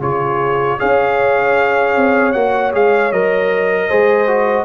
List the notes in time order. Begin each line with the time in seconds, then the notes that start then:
0.00 C#3 F4 G#4 C#5
0.79 C#4 G#4 C#5 F5
1.97 C4
2.33 A#3 F#4 F#5
2.73 G#3 G#4 F5
3.12 F#3 A#4 D#5
3.89 G#3 G#4 C5
4.28 F#4